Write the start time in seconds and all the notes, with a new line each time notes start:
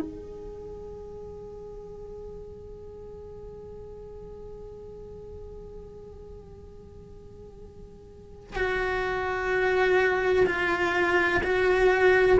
0.00 G#4
8.55 F#4
10.46 F4
11.43 F#4